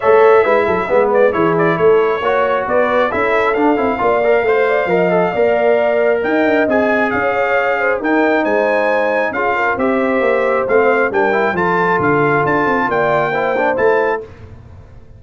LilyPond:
<<
  \new Staff \with { instrumentName = "trumpet" } { \time 4/4 \tempo 4 = 135 e''2~ e''8 d''8 cis''8 d''8 | cis''2 d''4 e''4 | f''1~ | f''2 g''4 gis''4 |
f''2 g''4 gis''4~ | gis''4 f''4 e''2 | f''4 g''4 a''4 f''4 | a''4 g''2 a''4 | }
  \new Staff \with { instrumentName = "horn" } { \time 4/4 cis''4 b'8 a'8 b'4 gis'4 | a'4 cis''4 b'4 a'4~ | a'4 d''4 c''8 d''8 dis''4 | d''2 dis''2 |
cis''4. c''8 ais'4 c''4~ | c''4 gis'8 ais'8 c''2~ | c''4 ais'4 a'2~ | a'4 d''4 c''2 | }
  \new Staff \with { instrumentName = "trombone" } { \time 4/4 a'4 e'4 b4 e'4~ | e'4 fis'2 e'4 | d'8 e'8 f'8 ais'8 c''4 ais'8 a'8 | ais'2. gis'4~ |
gis'2 dis'2~ | dis'4 f'4 g'2 | c'4 d'8 e'8 f'2~ | f'2 e'8 d'8 e'4 | }
  \new Staff \with { instrumentName = "tuba" } { \time 4/4 a4 gis8 fis8 gis4 e4 | a4 ais4 b4 cis'4 | d'8 c'8 ais4 a4 f4 | ais2 dis'8 d'8 c'4 |
cis'2 dis'4 gis4~ | gis4 cis'4 c'4 ais4 | a4 g4 f4 d4 | d'8 c'8 ais2 a4 | }
>>